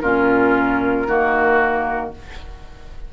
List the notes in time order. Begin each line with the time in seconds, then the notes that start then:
0.00 A#2 C#4 F4 A#4
1.07 D#3 A#3 F#4